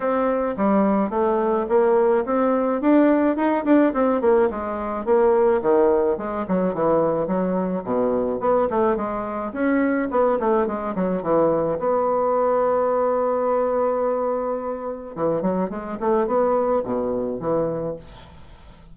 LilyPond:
\new Staff \with { instrumentName = "bassoon" } { \time 4/4 \tempo 4 = 107 c'4 g4 a4 ais4 | c'4 d'4 dis'8 d'8 c'8 ais8 | gis4 ais4 dis4 gis8 fis8 | e4 fis4 b,4 b8 a8 |
gis4 cis'4 b8 a8 gis8 fis8 | e4 b2.~ | b2. e8 fis8 | gis8 a8 b4 b,4 e4 | }